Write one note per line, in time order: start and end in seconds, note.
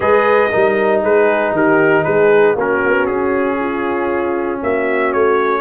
0.00 0.50 G#3
0.00 0.49 G#4
0.00 0.50 B4
0.00 1.01 D#5
0.50 1.03 G3
0.50 2.57 D#4
0.50 1.01 A#4
1.02 1.52 G#3
1.02 1.54 G#4
1.02 1.55 B4
1.52 2.03 D#3
1.52 2.03 G4
1.52 2.03 A#4
2.03 2.54 G#3
2.03 2.54 G#4
2.03 2.55 B4
2.54 2.80 A#3
2.54 5.60 C#4
2.54 3.58 F#4
2.54 3.05 A#4
2.85 3.08 B3
3.05 4.61 C#4
3.05 4.59 G#4
3.59 4.61 F4
4.62 5.13 A#3
4.62 5.60 F#4
4.62 5.12 E5
5.12 5.60 A3
5.12 5.60 C#5